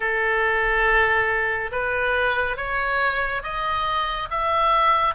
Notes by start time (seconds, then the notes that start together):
0.00 A4
1.71 B4
2.56 C#5
3.43 D#5
4.30 E5